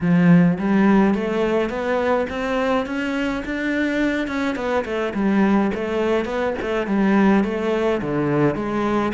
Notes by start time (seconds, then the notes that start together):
0.01 F3
0.58 G3
1.14 A3
1.69 B3
2.29 C4
2.86 C#4
3.45 D4
4.27 C#4
4.55 B3
4.84 A3
5.14 G3
5.74 A3
6.25 B3
6.61 A3
6.86 G3
7.44 A3
8.01 D3
8.55 G#3